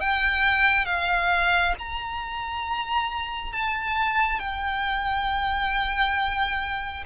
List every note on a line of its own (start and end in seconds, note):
0.00 0.85 G5
0.85 1.73 F5
1.78 3.52 A#5
3.52 4.39 A5
4.39 7.04 G5